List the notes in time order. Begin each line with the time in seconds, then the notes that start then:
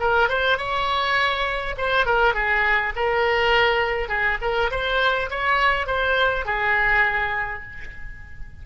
0.00 A#4
0.29 C5
0.58 C#5
1.78 C5
2.06 A#4
2.35 G#4
2.97 A#4
4.09 G#4
4.42 A#4
4.71 C5
5.30 C#5
5.87 C5
6.46 G#4